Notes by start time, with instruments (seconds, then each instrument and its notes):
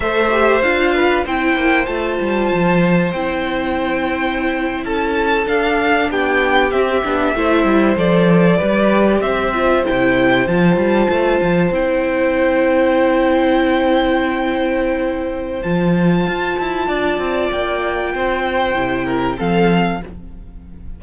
0.00 cello A3, viola A4, violin C5 E5
0.30 viola G4
0.61 cello D4, viola F4, violin F5
0.94 violin B4
1.25 cello C4, viola E4, violin C5 G5
1.55 cello A#3
1.86 cello A3, viola F4, violin A5
2.20 cello G3
2.53 cello F3
3.12 cello C4, viola E4, violin G5
4.83 cello C#4, violin A4 A5
5.45 viola D4, cello D4, violin F5
6.09 cello B3, violin G4 G5
6.71 viola C4, cello C4, violin E5
7.04 cello B3, viola D4
7.34 cello A3, viola E4, violin C5
7.64 cello G3
7.96 cello F3, viola A4, violin D5
8.56 cello G3, viola G4, violin B4
9.21 cello C4, violin C5 E5
9.53 viola F4
9.84 cello C3, viola E4, violin G5
10.47 cello F3, viola F4, violin A5
10.76 cello G3
11.09 cello A3
11.41 cello F3
11.70 cello C4, viola E4, violin G5
15.62 cello F3, viola F4, violin A5
16.26 cello F4
16.59 cello E4
16.87 cello D4, violin D5
17.18 cello C4
17.51 cello A#3, violin G5
18.13 cello C4, violin C5
18.74 cello C3, viola E4
19.05 violin A#4
19.37 cello F3, viola C4, violin A4 F5